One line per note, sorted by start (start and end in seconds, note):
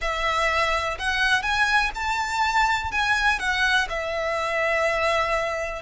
0.01 0.98 E5
0.99 1.42 F#5
1.42 1.90 G#5
1.94 2.91 A5
2.91 3.39 G#5
3.39 3.87 F#5
3.89 5.82 E5